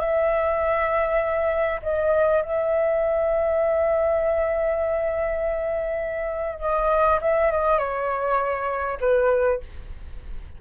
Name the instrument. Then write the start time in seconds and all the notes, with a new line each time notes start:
flute
0.00 E5
1.82 D#5
2.42 E5
6.59 D#5
7.21 E5
7.51 D#5
7.78 C#5
9.00 B4